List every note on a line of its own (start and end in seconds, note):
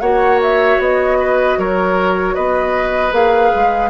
0.00 0.78 A#3
0.00 3.12 F#4
0.00 1.18 C#5
0.00 0.39 F#5
0.42 0.81 E5
0.79 1.56 B3
0.79 1.59 D#5
1.19 1.58 B4
1.58 2.36 F#3
1.58 2.34 A#4
1.58 2.34 C#5
2.34 3.12 B3
2.34 3.90 B4
2.34 3.12 D#5
3.12 3.51 A#3
3.12 3.90 G#4
3.12 3.90 F5
3.55 3.90 G#3